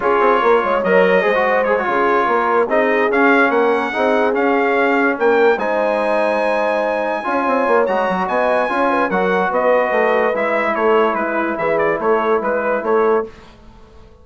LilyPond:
<<
  \new Staff \with { instrumentName = "trumpet" } { \time 4/4 \tempo 4 = 145 cis''2 dis''2 | cis''2~ cis''8 dis''4 f''8~ | f''8 fis''2 f''4.~ | f''8 g''4 gis''2~ gis''8~ |
gis''2. ais''4 | gis''2 fis''4 dis''4~ | dis''4 e''4 cis''4 b'4 | e''8 d''8 cis''4 b'4 cis''4 | }
  \new Staff \with { instrumentName = "horn" } { \time 4/4 gis'4 ais'8 cis''4. c''4~ | c''8 gis'4 ais'4 gis'4.~ | gis'8 ais'4 gis'2~ gis'8~ | gis'8 ais'4 c''2~ c''8~ |
c''4. cis''2~ cis''8 | dis''4 cis''8 b'8 ais'4 b'4~ | b'2 a'4 e'4 | gis'4 a'4 b'4 a'4 | }
  \new Staff \with { instrumentName = "trombone" } { \time 4/4 f'2 ais'4 gis'16 fis'8. | gis'16 fis'16 f'2 dis'4 cis'8~ | cis'4. dis'4 cis'4.~ | cis'4. dis'2~ dis'8~ |
dis'4. f'4. fis'4~ | fis'4 f'4 fis'2~ | fis'4 e'2.~ | e'1 | }
  \new Staff \with { instrumentName = "bassoon" } { \time 4/4 cis'8 c'8 ais8 gis8 fis4 gis4~ | gis8 cis4 ais4 c'4 cis'8~ | cis'8 ais4 c'4 cis'4.~ | cis'8 ais4 gis2~ gis8~ |
gis4. cis'8 c'8 ais8 gis8 fis8 | b4 cis'4 fis4 b4 | a4 gis4 a4 gis4 | e4 a4 gis4 a4 | }
>>